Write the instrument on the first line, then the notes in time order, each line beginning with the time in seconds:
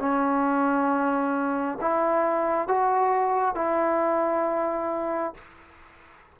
trombone
0.00 C#4
1.81 E4
2.68 F#4
3.55 E4